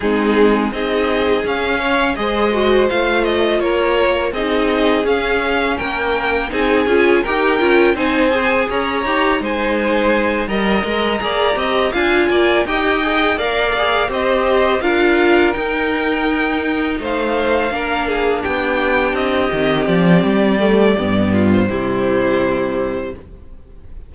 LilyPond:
<<
  \new Staff \with { instrumentName = "violin" } { \time 4/4 \tempo 4 = 83 gis'4 dis''4 f''4 dis''4 | f''8 dis''8 cis''4 dis''4 f''4 | g''4 gis''4 g''4 gis''4 | ais''4 gis''4. ais''4.~ |
ais''8 gis''4 g''4 f''4 dis''8~ | dis''8 f''4 g''2 f''8~ | f''4. g''4 dis''4 d''8~ | d''4.~ d''16 c''2~ c''16 | }
  \new Staff \with { instrumentName = "violin" } { \time 4/4 dis'4 gis'4. cis''8 c''4~ | c''4 ais'4 gis'2 | ais'4 gis'4 ais'4 c''4 | cis''4 c''4. dis''4 d''8 |
dis''8 f''8 d''8 dis''4 d''4 c''8~ | c''8 ais'2. c''8~ | c''8 ais'8 gis'8 g'2~ g'8~ | g'4. f'8 e'2 | }
  \new Staff \with { instrumentName = "viola" } { \time 4/4 c'4 dis'4 cis'4 gis'8 fis'8 | f'2 dis'4 cis'4~ | cis'4 dis'8 f'8 g'8 f'8 dis'8 gis'8~ | gis'8 g'8 dis'4. ais'4 gis'8 |
g'8 f'4 g'8 gis'8 ais'8 gis'8 g'8~ | g'8 f'4 dis'2~ dis'8~ | dis'8 d'2~ d'8 c'4~ | c'8 a8 b4 g2 | }
  \new Staff \with { instrumentName = "cello" } { \time 4/4 gis4 c'4 cis'4 gis4 | a4 ais4 c'4 cis'4 | ais4 c'8 cis'8 dis'8 cis'8 c'4 | cis'8 dis'8 gis4. g8 gis8 ais8 |
c'8 d'8 ais8 dis'4 ais4 c'8~ | c'8 d'4 dis'2 a8~ | a8 ais4 b4 c'8 dis8 f8 | g4 g,4 c2 | }
>>